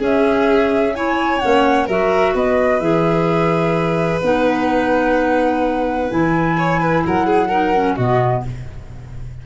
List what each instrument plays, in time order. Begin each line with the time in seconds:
0.00 clarinet C#4, tuba C#4, violin G#4, flute E5
0.95 clarinet E4, violin C#5, flute G#5
1.40 tuba A#3, clarinet C#4, flute F#5
1.87 tuba F#3, clarinet F#4, violin A#4, flute E5
2.35 tuba B3, violin B4, flute D#5
2.80 tuba E3, clarinet G#4, flute E5
4.23 tuba B3, clarinet D#4, flute F#5
6.10 tuba E3, clarinet E4, flute G#5
6.58 violin C#5
6.80 violin B4
7.06 tuba F#3, violin A#4, flute F#5
7.27 violin G#4
7.49 clarinet D#4, violin A#4
7.75 clarinet C#4
7.96 tuba B2, clarinet B3, violin F#4, flute D#5